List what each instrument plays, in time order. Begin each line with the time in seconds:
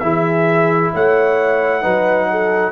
0.00 tuba E3, trombone E4, horn G#4, trumpet E5
0.94 tuba A3, horn C#5, trumpet F#5
1.82 tuba F#3, trombone D#4, horn B4
2.31 horn A4